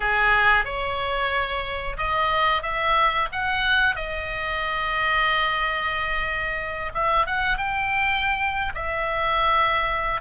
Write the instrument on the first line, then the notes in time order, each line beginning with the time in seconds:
oboe
0.00 G#4
0.64 C#5
1.97 D#5
2.62 E5
3.31 F#5
3.95 D#5
6.94 E5
7.26 F#5
7.57 G5
8.75 E5